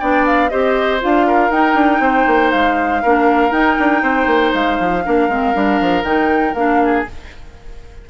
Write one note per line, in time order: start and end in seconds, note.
0.00 0.52 B3
0.00 0.51 D4
0.00 0.51 D5
0.00 0.25 G5
0.26 0.50 F5
0.50 1.03 C4
0.50 1.00 G4
0.50 1.27 C5
0.50 1.00 D#5
1.00 1.50 D4
1.00 1.51 F4
1.00 1.52 F5
1.27 2.02 A#4
1.50 1.74 D#4
1.50 3.04 D#4
1.50 2.51 G5
1.74 2.00 D4
2.00 2.25 C4
2.00 3.03 C5
2.27 2.52 A#3
2.51 3.04 G#3
2.51 3.52 F5
3.03 3.52 A#3
3.03 3.51 D4
3.03 4.03 A#4
3.51 5.02 D#4
3.51 3.77 D#4
3.51 4.53 G5
3.79 4.03 D4
4.03 4.26 C4
4.03 5.04 C5
4.26 4.52 A#3
4.54 4.80 G#3
4.54 6.04 F5
4.80 5.05 F3
5.05 5.29 A#3
5.05 5.30 D4
5.05 6.82 A#4
5.29 5.54 G#3
5.29 5.54 C4
5.54 5.80 G3
5.54 6.04 D4
5.81 6.04 F3
6.04 6.54 D#3
6.04 6.55 D#4
6.04 6.54 G5
6.54 7.05 A#3
6.54 7.06 D4
6.54 7.05 F5
6.84 7.10 G#4